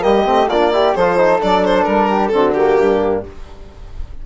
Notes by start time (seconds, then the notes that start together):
0.00 G3 A#3 G4 D#5
0.24 A3 C4
0.48 A#3 D4 F4 D5
0.72 E4 G4
0.94 F3 F4 A4 C5
1.17 D#4
1.40 F#3 D4 D5
1.65 C5
1.83 G3 A#4
2.08 G4
2.27 D3 C4 A4
2.35 F#4
2.53 A#3 G4
2.79 G2 D4